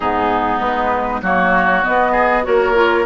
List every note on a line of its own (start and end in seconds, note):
0.00 0.61 G#2
0.00 1.23 B3
0.00 1.21 D#4
0.00 0.58 G#4
0.60 1.22 G#3
0.60 1.21 B4
1.22 1.83 F#3
1.22 1.83 A#3
1.22 2.12 F#4
1.22 1.83 C#5
1.83 2.43 B3
1.83 2.47 B3
1.83 2.45 D#5
2.12 2.42 G#4
2.43 3.05 A#3
2.43 2.73 F#4
2.43 3.05 A#4
2.43 3.05 C#5
2.74 3.05 F4